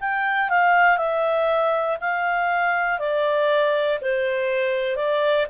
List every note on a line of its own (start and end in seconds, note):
0.00 0.49 G5
0.49 0.97 F5
0.97 1.97 E5
2.00 2.99 F5
2.99 3.99 D5
4.01 4.96 C5
4.96 5.46 D5